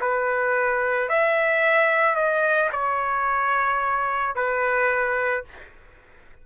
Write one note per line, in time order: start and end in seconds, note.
0.00 1.09 B4
1.09 2.15 E5
2.15 2.69 D#5
2.72 4.35 C#5
4.35 5.44 B4